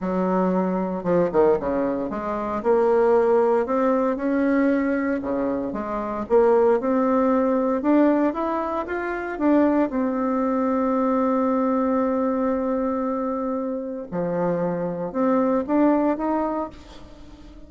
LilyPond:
\new Staff \with { instrumentName = "bassoon" } { \time 4/4 \tempo 4 = 115 fis2 f8 dis8 cis4 | gis4 ais2 c'4 | cis'2 cis4 gis4 | ais4 c'2 d'4 |
e'4 f'4 d'4 c'4~ | c'1~ | c'2. f4~ | f4 c'4 d'4 dis'4 | }